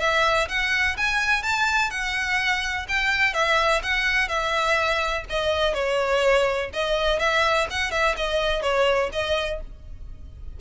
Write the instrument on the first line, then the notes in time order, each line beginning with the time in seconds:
violin
0.00 E5
0.48 F#5
0.97 G#5
1.43 A5
1.90 F#5
2.88 G5
3.34 E5
3.83 F#5
4.29 E5
5.30 D#5
5.74 C#5
6.73 D#5
7.19 E5
7.70 F#5
7.91 E5
8.17 D#5
8.62 C#5
9.13 D#5